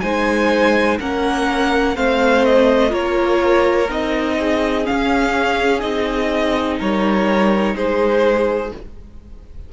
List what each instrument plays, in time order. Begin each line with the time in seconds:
0.00 cello G#3, viola D#4, violin C5 G#5
0.99 cello A#3, viola C#4, violin A#4 F#5
1.95 cello A3, viola C4, violin C5 F5
2.44 violin D#5
2.88 cello A#3, viola F4, violin A#4 C#5
3.89 cello C4, viola D#4, violin D#5
4.38 violin G#4
4.83 viola C#4, violin F5
4.90 cello C#4
5.79 cello C4, viola D#4, violin D#5
6.78 cello G3, violin A#4 C#5
7.75 cello G#3, violin G#4 C5